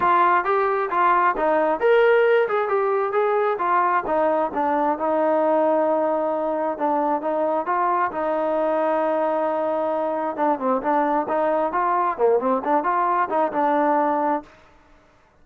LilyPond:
\new Staff \with { instrumentName = "trombone" } { \time 4/4 \tempo 4 = 133 f'4 g'4 f'4 dis'4 | ais'4. gis'8 g'4 gis'4 | f'4 dis'4 d'4 dis'4~ | dis'2. d'4 |
dis'4 f'4 dis'2~ | dis'2. d'8 c'8 | d'4 dis'4 f'4 ais8 c'8 | d'8 f'4 dis'8 d'2 | }